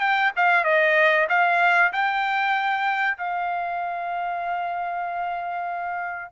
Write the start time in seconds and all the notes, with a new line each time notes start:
0.00 G5
0.36 F5
0.65 D#5
1.29 F5
1.93 G5
3.18 F5